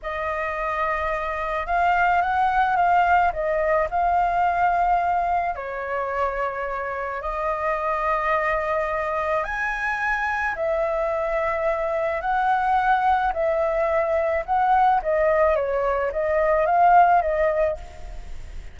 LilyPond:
\new Staff \with { instrumentName = "flute" } { \time 4/4 \tempo 4 = 108 dis''2. f''4 | fis''4 f''4 dis''4 f''4~ | f''2 cis''2~ | cis''4 dis''2.~ |
dis''4 gis''2 e''4~ | e''2 fis''2 | e''2 fis''4 dis''4 | cis''4 dis''4 f''4 dis''4 | }